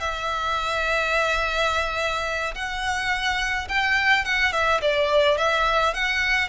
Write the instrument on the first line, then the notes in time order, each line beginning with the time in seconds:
violin
0.00 E5
2.55 F#5
3.68 G5
4.25 F#5
4.53 E5
4.82 D5
5.38 E5
5.94 F#5